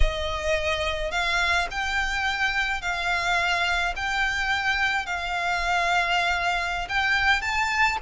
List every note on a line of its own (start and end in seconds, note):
0.00 1.11 D#5
1.11 1.67 F5
1.71 2.81 G5
2.81 3.94 F5
3.96 5.05 G5
5.05 6.88 F5
6.88 7.41 G5
7.41 7.97 A5